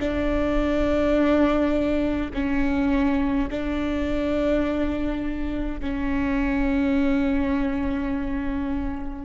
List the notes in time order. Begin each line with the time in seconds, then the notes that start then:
0.00 D4
2.33 C#4
3.51 D4
5.81 C#4